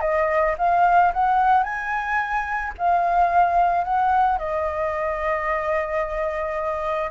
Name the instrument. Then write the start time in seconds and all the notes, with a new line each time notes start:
flute
0.00 D#5
0.58 F5
1.13 F#5
1.63 G#5
2.77 F5
3.84 F#5
4.38 D#5